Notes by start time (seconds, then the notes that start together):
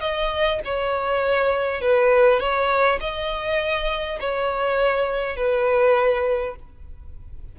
0.00 D#5
0.65 C#5
1.81 B4
2.40 C#5
3.00 D#5
4.20 C#5
5.36 B4